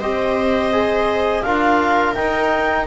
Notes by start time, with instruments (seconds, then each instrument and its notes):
0.00 double bass C4, trombone G4, viola C5, clarinet D#5
0.72 trombone G#4
1.42 double bass D4, trombone F4, viola A#4, clarinet F5
2.14 trombone D#4, double bass D#4, clarinet G5